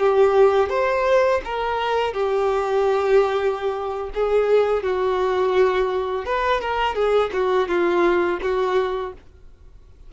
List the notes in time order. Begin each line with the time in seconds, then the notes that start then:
0.00 G4
0.69 C5
1.45 A#4
2.13 G4
4.14 G#4
4.83 F#4
6.25 B4
6.61 A#4
6.95 G#4
7.33 F#4
7.68 F4
8.42 F#4